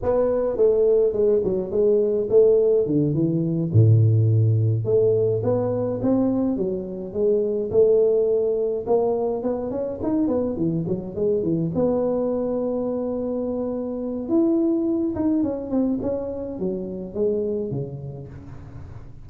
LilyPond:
\new Staff \with { instrumentName = "tuba" } { \time 4/4 \tempo 4 = 105 b4 a4 gis8 fis8 gis4 | a4 d8 e4 a,4.~ | a,8 a4 b4 c'4 fis8~ | fis8 gis4 a2 ais8~ |
ais8 b8 cis'8 dis'8 b8 e8 fis8 gis8 | e8 b2.~ b8~ | b4 e'4. dis'8 cis'8 c'8 | cis'4 fis4 gis4 cis4 | }